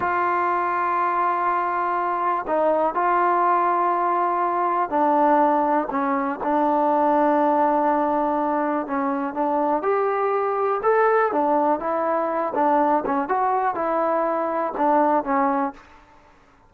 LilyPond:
\new Staff \with { instrumentName = "trombone" } { \time 4/4 \tempo 4 = 122 f'1~ | f'4 dis'4 f'2~ | f'2 d'2 | cis'4 d'2.~ |
d'2 cis'4 d'4 | g'2 a'4 d'4 | e'4. d'4 cis'8 fis'4 | e'2 d'4 cis'4 | }